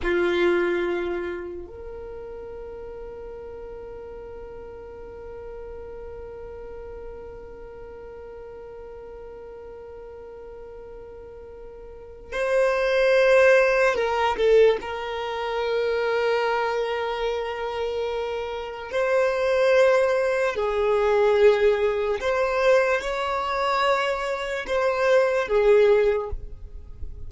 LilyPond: \new Staff \with { instrumentName = "violin" } { \time 4/4 \tempo 4 = 73 f'2 ais'2~ | ais'1~ | ais'1~ | ais'2. c''4~ |
c''4 ais'8 a'8 ais'2~ | ais'2. c''4~ | c''4 gis'2 c''4 | cis''2 c''4 gis'4 | }